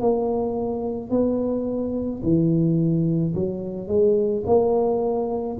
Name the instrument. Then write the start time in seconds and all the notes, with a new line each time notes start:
tuba
0.00 A#3
1.10 B3
2.23 E3
3.34 F#3
3.88 G#3
4.46 A#3